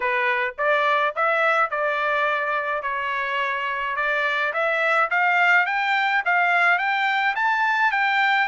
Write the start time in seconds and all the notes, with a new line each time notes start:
0.00 B4
0.58 D5
1.15 E5
1.70 D5
2.82 C#5
3.96 D5
4.53 E5
5.10 F5
5.66 G5
6.25 F5
6.78 G5
7.35 A5
7.91 G5